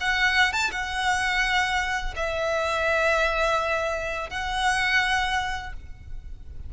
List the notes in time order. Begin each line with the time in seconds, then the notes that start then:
0.00 F#5
0.53 A5
0.71 F#5
2.16 E5
4.30 F#5